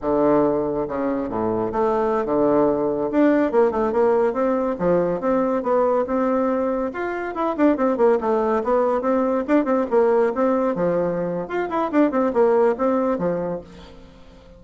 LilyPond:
\new Staff \with { instrumentName = "bassoon" } { \time 4/4 \tempo 4 = 141 d2 cis4 a,4 | a4~ a16 d2 d'8.~ | d'16 ais8 a8 ais4 c'4 f8.~ | f16 c'4 b4 c'4.~ c'16~ |
c'16 f'4 e'8 d'8 c'8 ais8 a8.~ | a16 b4 c'4 d'8 c'8 ais8.~ | ais16 c'4 f4.~ f16 f'8 e'8 | d'8 c'8 ais4 c'4 f4 | }